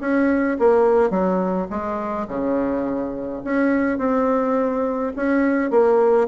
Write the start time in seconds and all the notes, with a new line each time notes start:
0.00 C#4
0.58 A#3
1.10 F#3
1.70 G#3
2.27 C#3
3.44 C#4
3.98 C4
5.16 C#4
5.70 A#3